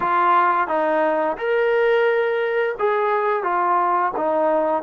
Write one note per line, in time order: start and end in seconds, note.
0.00 0.67 F4
0.67 1.36 D#4
1.37 2.75 A#4
2.78 3.43 G#4
3.43 4.12 F4
4.16 4.82 D#4